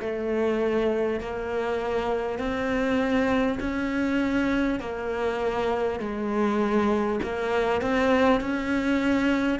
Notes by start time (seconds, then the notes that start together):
0.00 A3
1.20 A#3
2.38 C4
3.59 C#4
4.79 A#3
6.00 G#3
7.23 A#3
7.82 C4
8.41 C#4